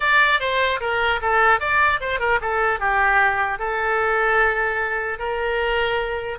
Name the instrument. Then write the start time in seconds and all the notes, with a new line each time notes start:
oboe
0.00 D5
0.40 C5
0.80 A#4
1.21 A4
1.60 D5
2.00 C5
2.19 A#4
2.41 A4
2.79 G4
3.58 A4
5.18 A#4